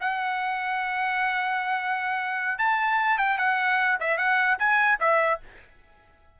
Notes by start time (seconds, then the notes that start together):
0.00 F#5
2.58 A5
3.17 G5
3.38 F#5
4.00 E5
4.17 F#5
4.58 G#5
4.99 E5